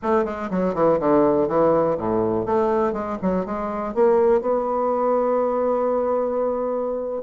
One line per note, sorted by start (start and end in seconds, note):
0.02 0.25 A3
0.25 0.49 G#3
0.50 0.74 F#3
0.74 0.99 E3
0.99 1.48 D3
1.48 1.97 E3
1.97 2.45 A2
2.45 2.92 A3
2.92 3.17 G#3
3.21 3.45 F#3
3.45 3.94 G#3
3.94 4.41 A#3
4.41 7.22 B3